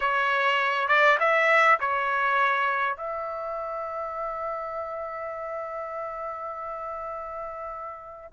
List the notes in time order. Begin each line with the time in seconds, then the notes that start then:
0.00 C#5
0.88 D5
1.19 E5
1.80 C#5
2.96 E5